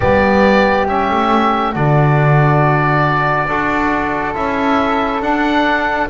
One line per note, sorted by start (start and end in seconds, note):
0.00 1.10 G3
0.00 0.87 B3
0.00 1.72 G4
0.00 0.87 D5
0.87 1.74 C#4
0.87 1.74 E5
1.10 1.75 A3
1.72 3.47 D3
1.72 3.48 D4
1.72 3.45 F#4
1.72 4.34 D5
3.47 4.34 D4
3.47 4.34 F#4
3.47 6.09 A4
4.34 5.22 C#4
4.34 5.21 E4
4.34 5.21 E5
5.21 6.08 D4
5.21 6.09 D4
5.21 6.09 F#5